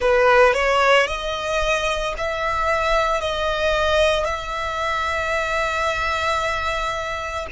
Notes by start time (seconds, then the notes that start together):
0.00 B4
0.53 C#5
1.07 D#5
2.17 E5
3.20 D#5
4.25 E5